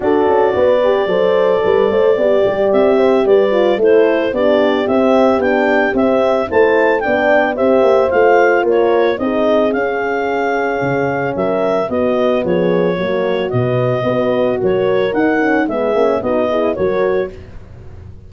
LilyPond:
<<
  \new Staff \with { instrumentName = "clarinet" } { \time 4/4 \tempo 4 = 111 d''1~ | d''4 e''4 d''4 c''4 | d''4 e''4 g''4 e''4 | a''4 g''4 e''4 f''4 |
cis''4 dis''4 f''2~ | f''4 e''4 dis''4 cis''4~ | cis''4 dis''2 cis''4 | fis''4 e''4 dis''4 cis''4 | }
  \new Staff \with { instrumentName = "horn" } { \time 4/4 a'4 b'4 c''4 b'8 c''8 | d''4. c''8 b'4 a'4 | g'1 | c''4 d''4 c''2 |
ais'4 gis'2.~ | gis'4 ais'4 fis'4 gis'4 | fis'2 b'4 ais'4~ | ais'4 gis'4 fis'8 gis'8 ais'4 | }
  \new Staff \with { instrumentName = "horn" } { \time 4/4 fis'4. g'8 a'2 | g'2~ g'8 f'8 e'4 | d'4 c'4 d'4 c'4 | e'4 d'4 g'4 f'4~ |
f'4 dis'4 cis'2~ | cis'2 b2 | ais4 b4 fis'2 | dis'8 cis'8 b8 cis'8 dis'8 e'8 fis'4 | }
  \new Staff \with { instrumentName = "tuba" } { \time 4/4 d'8 cis'8 b4 fis4 g8 a8 | b8 g8 c'4 g4 a4 | b4 c'4 b4 c'4 | a4 b4 c'8 ais8 a4 |
ais4 c'4 cis'2 | cis4 fis4 b4 f4 | fis4 b,4 b4 fis4 | dis'4 gis8 ais8 b4 fis4 | }
>>